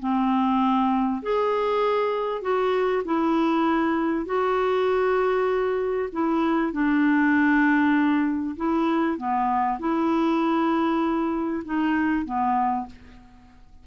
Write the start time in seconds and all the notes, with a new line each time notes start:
0.00 C4
1.23 G#4
2.42 F#4
3.05 E4
4.26 F#4
6.13 E4
6.73 D4
8.57 E4
9.18 B3
9.80 E4
11.65 D#4
12.26 B3